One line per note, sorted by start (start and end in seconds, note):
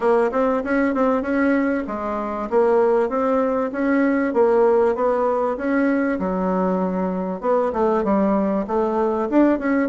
0.00 0.30 A#3
0.31 0.62 C4
0.64 0.94 C#4
0.94 1.21 C4
1.21 1.83 C#4
1.87 2.49 G#3
2.50 3.09 A#3
3.09 3.71 C4
3.72 4.33 C#4
4.33 4.95 A#3
4.95 5.57 B3
5.57 6.19 C#4
6.19 7.41 F#3
7.41 7.72 B3
7.73 8.04 A3
8.04 8.66 G3
8.67 9.28 A3
9.29 9.58 D4
9.58 9.89 C#4